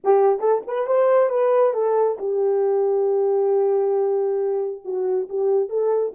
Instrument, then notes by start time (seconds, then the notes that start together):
horn
0.04 G4
0.39 A4
0.66 B4
0.87 C5
1.29 B4
1.73 A4
2.18 G4
4.84 F#4
5.29 G4
5.69 A4